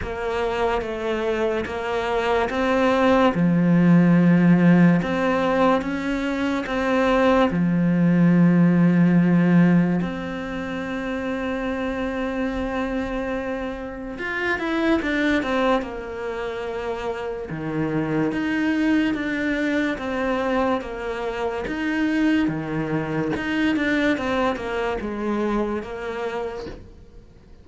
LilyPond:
\new Staff \with { instrumentName = "cello" } { \time 4/4 \tempo 4 = 72 ais4 a4 ais4 c'4 | f2 c'4 cis'4 | c'4 f2. | c'1~ |
c'4 f'8 e'8 d'8 c'8 ais4~ | ais4 dis4 dis'4 d'4 | c'4 ais4 dis'4 dis4 | dis'8 d'8 c'8 ais8 gis4 ais4 | }